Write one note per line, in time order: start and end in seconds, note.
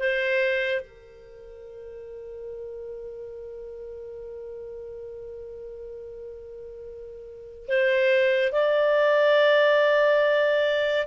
0.00 0.81 C5
0.81 7.67 A#4
7.68 8.53 C5
8.53 11.08 D5